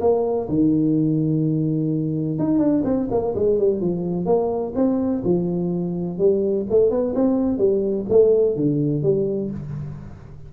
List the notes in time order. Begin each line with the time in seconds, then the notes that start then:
0.00 A#3
0.48 D#3
2.39 D#4
2.59 D4
2.84 C4
3.10 A#3
3.35 G#3
3.59 G3
3.81 F3
4.25 A#3
4.75 C4
5.24 F3
6.18 G3
6.70 A3
6.90 B3
7.15 C4
7.58 G3
8.09 A3
8.56 D3
9.03 G3